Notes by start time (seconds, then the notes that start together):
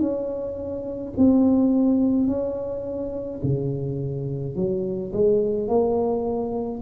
0.00 C#4
1.17 C4
2.27 C#4
3.43 C#3
4.55 F#3
5.13 G#3
5.68 A#3